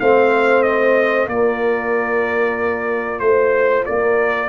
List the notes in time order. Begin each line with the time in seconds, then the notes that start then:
0.00 A3 C4 C5 F5
0.63 D#5
1.27 A#3 F4 A#4 D5
3.20 A3 C5
3.86 A#3 A#4 D5